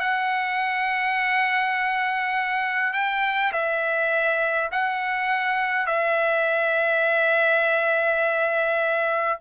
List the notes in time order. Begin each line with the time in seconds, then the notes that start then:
0.00 F#5
2.93 G5
3.52 E5
4.72 F#5
5.86 E5